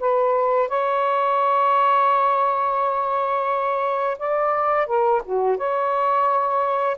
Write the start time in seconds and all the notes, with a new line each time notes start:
0.00 B4
0.69 C#5
4.19 D5
4.87 A#4
5.26 F#4
5.58 C#5